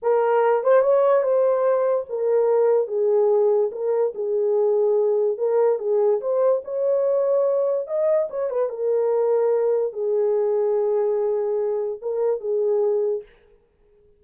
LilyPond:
\new Staff \with { instrumentName = "horn" } { \time 4/4 \tempo 4 = 145 ais'4. c''8 cis''4 c''4~ | c''4 ais'2 gis'4~ | gis'4 ais'4 gis'2~ | gis'4 ais'4 gis'4 c''4 |
cis''2. dis''4 | cis''8 b'8 ais'2. | gis'1~ | gis'4 ais'4 gis'2 | }